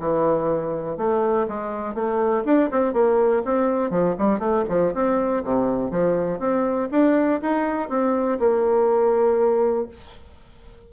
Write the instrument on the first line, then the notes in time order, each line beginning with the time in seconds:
bassoon
0.00 E3
0.98 A3
1.48 G#3
1.95 A3
2.45 D4
2.72 C4
2.94 A#3
3.45 C4
3.91 F3
4.19 G3
4.40 A3
4.69 F3
4.95 C4
5.45 C3
5.91 F3
6.40 C4
6.92 D4
7.42 D#4
7.90 C4
8.40 A#3